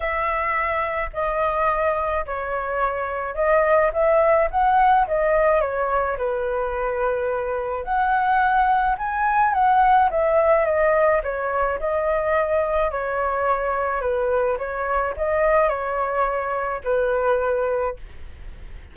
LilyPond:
\new Staff \with { instrumentName = "flute" } { \time 4/4 \tempo 4 = 107 e''2 dis''2 | cis''2 dis''4 e''4 | fis''4 dis''4 cis''4 b'4~ | b'2 fis''2 |
gis''4 fis''4 e''4 dis''4 | cis''4 dis''2 cis''4~ | cis''4 b'4 cis''4 dis''4 | cis''2 b'2 | }